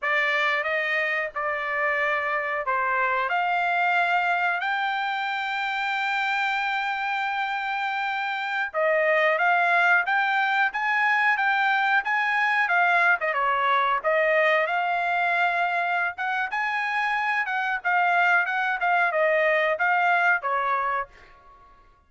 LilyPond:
\new Staff \with { instrumentName = "trumpet" } { \time 4/4 \tempo 4 = 91 d''4 dis''4 d''2 | c''4 f''2 g''4~ | g''1~ | g''4~ g''16 dis''4 f''4 g''8.~ |
g''16 gis''4 g''4 gis''4 f''8. | dis''16 cis''4 dis''4 f''4.~ f''16~ | f''8 fis''8 gis''4. fis''8 f''4 | fis''8 f''8 dis''4 f''4 cis''4 | }